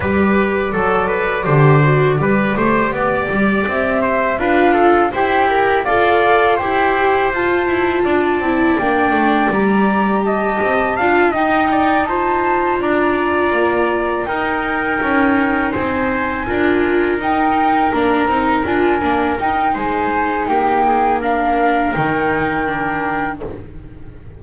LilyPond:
<<
  \new Staff \with { instrumentName = "flute" } { \time 4/4 \tempo 4 = 82 d''1~ | d''4 e''4 f''4 g''4 | f''4 g''4 a''2 | g''4 ais''4 a''4. g''8~ |
g''8 a''4 ais''2 g''8~ | g''4. gis''2 g''8~ | g''8 ais''4 gis''4 g''8 gis''4 | g''4 f''4 g''2 | }
  \new Staff \with { instrumentName = "trumpet" } { \time 4/4 b'4 a'8 b'8 c''4 b'8 c''8 | d''4. c''8 b'8 a'8 g'4 | d''4 c''2 d''4~ | d''2 dis''4 f''8 dis''8 |
d''8 c''4 d''2 ais'8~ | ais'4. c''4 ais'4.~ | ais'2. c''4 | g'8 gis'8 ais'2. | }
  \new Staff \with { instrumentName = "viola" } { \time 4/4 g'4 a'4 g'8 fis'8 g'4~ | g'2 f'4 c''8 ais'8 | a'4 g'4 f'4. e'8 | d'4 g'2 f'8 dis'8~ |
dis'8 f'2. dis'8~ | dis'2~ dis'8 f'4 dis'8~ | dis'8 d'8 dis'8 f'8 d'8 dis'4.~ | dis'4 d'4 dis'4 d'4 | }
  \new Staff \with { instrumentName = "double bass" } { \time 4/4 g4 fis4 d4 g8 a8 | b8 g8 c'4 d'4 e'4 | f'4 e'4 f'8 e'8 d'8 c'8 | ais8 a8 g4. c'8 d'8 dis'8~ |
dis'4. d'4 ais4 dis'8~ | dis'8 cis'4 c'4 d'4 dis'8~ | dis'8 ais8 c'8 d'8 ais8 dis'8 gis4 | ais2 dis2 | }
>>